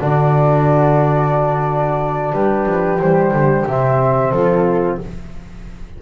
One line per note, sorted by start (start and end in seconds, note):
0.00 2.33 D3
0.00 3.00 D4
0.00 2.33 F#4
0.00 2.34 D5
2.33 2.66 G3
2.33 4.33 G4
2.33 3.00 B4
2.66 3.00 F3
3.00 3.31 E3
3.00 3.69 G3
3.00 3.67 C5
3.31 3.65 D3
3.67 4.32 C3
3.67 5.02 C4
3.67 4.32 E5
4.32 4.98 F3
4.32 5.00 F4
4.32 4.99 A4